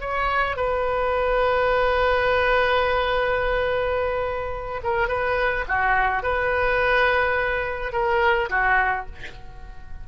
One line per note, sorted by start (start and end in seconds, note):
0.00 0.56 C#5
0.56 4.81 B4
4.83 5.08 A#4
5.08 5.64 B4
5.68 6.23 F#4
6.23 7.92 B4
7.92 8.49 A#4
8.49 9.06 F#4